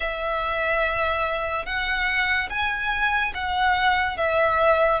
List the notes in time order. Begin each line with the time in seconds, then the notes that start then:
0.00 E5
1.65 F#5
2.49 G#5
3.34 F#5
4.17 E5